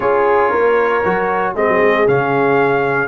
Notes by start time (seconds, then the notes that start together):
0.00 C#4 F4 G#4 C#5
0.49 A#3 A#4
1.04 F#3 F#4
1.55 G#3 C4 G#4 D#5
1.68 F#3
1.81 G#3
2.07 C#3 C#4 F5